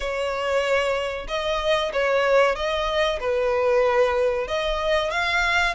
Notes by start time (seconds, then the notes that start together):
0.00 C#5
1.28 D#5
1.93 C#5
2.55 D#5
3.20 B4
4.47 D#5
5.10 F5